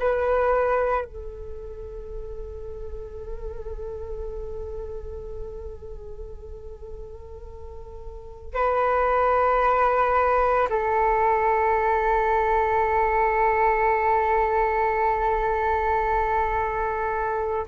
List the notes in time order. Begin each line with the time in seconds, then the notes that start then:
0.00 B4
1.05 A4
8.55 B4
10.70 A4